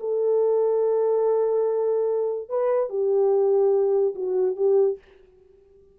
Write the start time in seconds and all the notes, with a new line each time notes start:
0.00 A4
2.49 B4
2.90 G4
4.16 F#4
4.57 G4